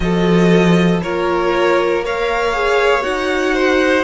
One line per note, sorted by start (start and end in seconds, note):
0.00 1.01 F3
0.00 1.02 F#4
0.00 1.03 A4
0.00 1.00 D#5
1.02 3.03 A#3
1.02 2.03 F4
1.02 2.04 A#4
1.02 2.04 C#5
2.03 2.53 A#4
2.03 3.54 C#5
2.03 3.03 F5
2.53 3.01 G#4
3.01 4.04 D#4
3.01 4.03 F#4
3.01 4.04 F#5
3.54 4.04 C5